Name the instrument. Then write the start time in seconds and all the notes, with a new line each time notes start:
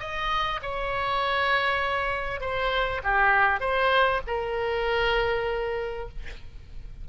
oboe
0.00 D#5
0.63 C#5
2.41 C5
3.04 G4
3.61 C5
4.27 A#4